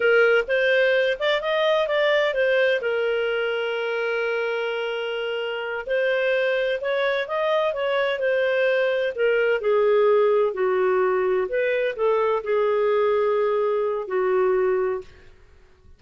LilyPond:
\new Staff \with { instrumentName = "clarinet" } { \time 4/4 \tempo 4 = 128 ais'4 c''4. d''8 dis''4 | d''4 c''4 ais'2~ | ais'1~ | ais'8 c''2 cis''4 dis''8~ |
dis''8 cis''4 c''2 ais'8~ | ais'8 gis'2 fis'4.~ | fis'8 b'4 a'4 gis'4.~ | gis'2 fis'2 | }